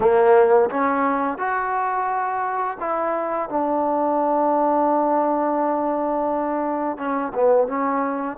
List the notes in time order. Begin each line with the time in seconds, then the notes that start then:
0.00 A#3
0.70 C#4
1.38 F#4
2.80 E4
3.49 D4
6.97 C#4
7.34 B3
7.67 C#4